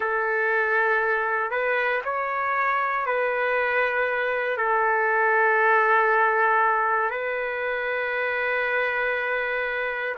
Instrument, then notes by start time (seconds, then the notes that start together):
trumpet
0.00 A4
1.50 B4
2.04 C#5
3.06 B4
4.57 A4
7.10 B4